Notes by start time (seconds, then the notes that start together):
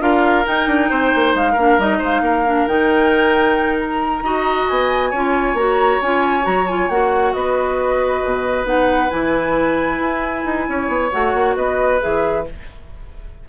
0.00 D4 F4 A#4 F5
0.46 D#4 G5
0.67 D4
0.90 C4 C5
1.16 A#3
1.35 G#3 F5
1.53 A#3 D4 A#4
1.79 G3 D#4 D#5
1.99 G#3 C5 F5
2.21 A#3 A#4
2.46 D4
2.68 D#3 D#4 G5
3.80 A#5
4.22 D#4 F#4 D#5
4.68 B3 G#5
5.11 C#4 F4 C#5
5.54 A#3 F#4 A#5
6.02 C#4 F4 G#5
6.43 F#3 F#4 A#5
6.68 F4 G#5
6.89 A#3 F#4 F#5
7.33 B3 B4 D#5
8.24 B2
8.64 B3 D#4 F#5
9.10 E3 E4 G#5
10.00 E4
10.45 D#4
10.69 C#4 C#5
10.88 B3
11.12 A3 F#4 F#5
11.34 A#3
11.56 B3 B4 D#5
12.00 E3 G#4 E5